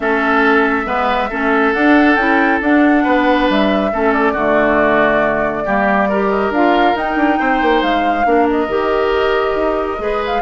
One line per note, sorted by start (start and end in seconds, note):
0.00 0.86 A3
0.00 0.85 C#4
0.00 0.86 A4
0.00 1.73 E5
0.85 1.29 G#3
0.85 1.29 B3
0.85 1.29 B4
1.29 1.74 A3
1.29 1.74 C#4
1.29 3.03 A4
1.73 2.16 D4
1.73 2.18 D4
1.73 2.15 F#5
2.15 2.59 C#4
2.15 2.62 E4
2.15 2.59 G5
2.61 3.04 D4
2.61 3.92 D4
2.61 3.49 F#5
3.03 3.49 B3
3.03 3.90 B4
3.49 3.92 G3
3.49 4.12 E5
3.92 4.34 A3
3.92 4.36 C#4
3.92 4.33 A4
4.12 6.29 D5
4.33 5.64 D3
4.33 5.66 A3
4.33 5.63 F#4
5.65 6.50 G3
5.65 6.09 A#3
5.65 6.08 G4
6.08 6.54 G4
6.08 7.39 A#4
6.30 6.51 D#5
6.50 6.93 D4
6.50 6.96 F4
6.50 6.97 F5
6.95 7.16 D#4
6.95 8.24 D#4
6.95 7.82 G5
7.16 7.37 D4
7.39 7.61 C4
7.39 8.26 C5
7.61 7.82 A#3
7.82 8.25 G#3
7.82 8.47 F5
8.24 8.68 A#3
8.24 8.68 D4
8.24 10.02 A#4
8.50 10.23 D#5
8.68 9.54 D#3
8.68 9.98 G4
9.54 9.98 D#4
9.98 10.41 G#3
9.98 10.41 G#4
9.98 10.42 B4
10.26 10.42 F5